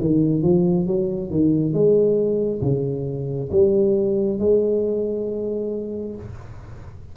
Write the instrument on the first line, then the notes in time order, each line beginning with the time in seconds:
tuba
0.00 D#3
0.42 F3
0.87 F#3
1.30 D#3
1.73 G#3
2.61 C#3
3.51 G3
4.39 G#3